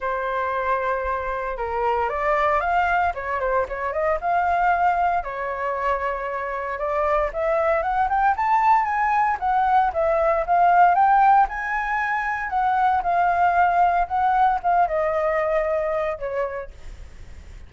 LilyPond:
\new Staff \with { instrumentName = "flute" } { \time 4/4 \tempo 4 = 115 c''2. ais'4 | d''4 f''4 cis''8 c''8 cis''8 dis''8 | f''2 cis''2~ | cis''4 d''4 e''4 fis''8 g''8 |
a''4 gis''4 fis''4 e''4 | f''4 g''4 gis''2 | fis''4 f''2 fis''4 | f''8 dis''2~ dis''8 cis''4 | }